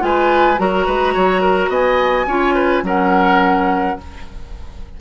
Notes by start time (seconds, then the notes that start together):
0.00 G#3 F4 B4 G#5
0.57 F#3 F#4 A#4 A#5
0.86 G#3 B4
1.13 F#3 C#5
1.41 A#4
1.69 B3 D#5 G#5
2.27 C#4 F4 C#5
2.54 B4
2.83 F#3 C#4 A#4 F#5